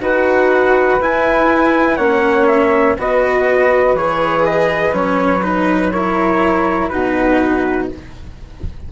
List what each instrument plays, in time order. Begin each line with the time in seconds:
0.00 bassoon D#4, cello F#4, flute B4, trumpet F#5
1.01 bassoon E4, cello E4, trumpet G#5
1.97 bassoon A#3, cello C#4, flute C#5, trumpet F#5
2.47 trumpet E5
2.98 bassoon B3, cello F#4, flute B4, trumpet D#5
3.94 bassoon E3, cello G#4, trumpet C#5
4.45 trumpet D#5
4.92 bassoon F#3, cello C#4, trumpet C#5
5.42 cello D#4, trumpet B4
5.92 cello E4, flute A#4, trumpet C#5
6.89 bassoon B2, cello D#4, flute F#4, trumpet B4